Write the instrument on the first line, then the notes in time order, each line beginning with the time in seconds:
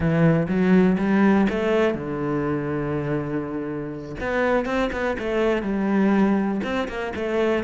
cello
0.00 E3
0.48 F#3
0.97 G3
1.49 A3
1.94 D3
4.20 B3
4.65 C4
4.92 B3
5.18 A3
5.62 G3
6.63 C4
6.88 A#3
7.15 A3